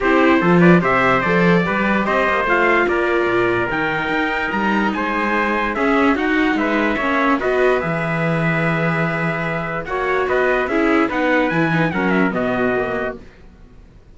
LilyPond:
<<
  \new Staff \with { instrumentName = "trumpet" } { \time 4/4 \tempo 4 = 146 c''4. d''8 e''4 d''4~ | d''4 dis''4 f''4 d''4~ | d''4 g''2 ais''4 | gis''2 e''4 fis''4 |
e''2 dis''4 e''4~ | e''1 | fis''4 dis''4 e''4 fis''4 | gis''4 fis''8 e''8 dis''2 | }
  \new Staff \with { instrumentName = "trumpet" } { \time 4/4 g'4 a'8 b'8 c''2 | b'4 c''2 ais'4~ | ais'1 | c''2 gis'4 fis'4 |
b'4 cis''4 b'2~ | b'1 | cis''4 b'4 gis'4 b'4~ | b'4 ais'4 fis'2 | }
  \new Staff \with { instrumentName = "viola" } { \time 4/4 e'4 f'4 g'4 a'4 | g'2 f'2~ | f'4 dis'2.~ | dis'2 cis'4 dis'4~ |
dis'4 cis'4 fis'4 gis'4~ | gis'1 | fis'2 e'4 dis'4 | e'8 dis'8 cis'4 b4 ais4 | }
  \new Staff \with { instrumentName = "cello" } { \time 4/4 c'4 f4 c4 f4 | g4 c'8 ais8 a4 ais4 | ais,4 dis4 dis'4 g4 | gis2 cis'4 dis'4 |
gis4 ais4 b4 e4~ | e1 | ais4 b4 cis'4 b4 | e4 fis4 b,2 | }
>>